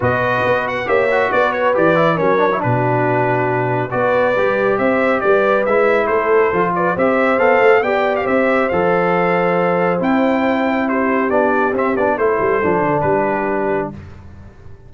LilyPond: <<
  \new Staff \with { instrumentName = "trumpet" } { \time 4/4 \tempo 4 = 138 dis''4. fis''8 e''4 d''8 cis''8 | d''4 cis''4 b'2~ | b'4 d''2 e''4 | d''4 e''4 c''4. d''8 |
e''4 f''4 g''8. f''16 e''4 | f''2. g''4~ | g''4 c''4 d''4 e''8 d''8 | c''2 b'2 | }
  \new Staff \with { instrumentName = "horn" } { \time 4/4 b'2 cis''4 b'4~ | b'4 ais'4 fis'2~ | fis'4 b'2 c''4 | b'2 a'4. b'8 |
c''2 d''4 c''4~ | c''1~ | c''4 g'2. | a'2 g'2 | }
  \new Staff \with { instrumentName = "trombone" } { \time 4/4 fis'2 g'8 fis'4. | g'8 e'8 cis'8 d'16 e'16 d'2~ | d'4 fis'4 g'2~ | g'4 e'2 f'4 |
g'4 a'4 g'2 | a'2. e'4~ | e'2 d'4 c'8 d'8 | e'4 d'2. | }
  \new Staff \with { instrumentName = "tuba" } { \time 4/4 b,4 b4 ais4 b4 | e4 fis4 b,2~ | b,4 b4 g4 c'4 | g4 gis4 a4 f4 |
c'4 b8 a8 b4 c'4 | f2. c'4~ | c'2 b4 c'8 b8 | a8 g8 f8 d8 g2 | }
>>